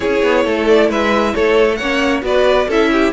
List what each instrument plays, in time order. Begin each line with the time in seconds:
0.00 cello C#4, viola E4, violin G#4 C#5
0.23 cello B3
0.44 cello A3, violin A4
0.67 violin D5
0.88 cello G#3, violin B4 E5
1.34 cello A3, violin A4 C#5
1.75 cello A#3, violin C#5 F#5
1.82 viola C#4
2.22 cello B3, viola F#4, violin B4 D5
2.68 cello C#4, viola E4, violin A4 E5
2.92 violin G4